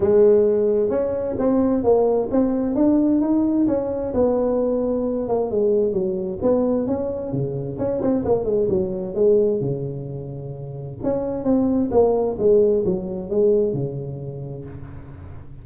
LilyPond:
\new Staff \with { instrumentName = "tuba" } { \time 4/4 \tempo 4 = 131 gis2 cis'4 c'4 | ais4 c'4 d'4 dis'4 | cis'4 b2~ b8 ais8 | gis4 fis4 b4 cis'4 |
cis4 cis'8 c'8 ais8 gis8 fis4 | gis4 cis2. | cis'4 c'4 ais4 gis4 | fis4 gis4 cis2 | }